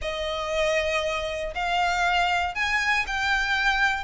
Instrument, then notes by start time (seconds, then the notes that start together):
violin
0.01 D#5
1.54 F5
2.54 G#5
3.06 G5